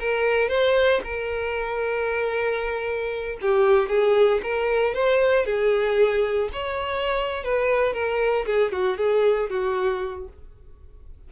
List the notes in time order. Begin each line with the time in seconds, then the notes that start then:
0.00 A#4
0.49 C5
1.04 A#4
3.42 G4
3.89 G#4
4.43 A#4
4.94 C5
5.45 G#4
6.52 C#5
7.44 B4
7.93 A#4
8.46 G#4
8.72 F#4
8.98 G#4
9.50 F#4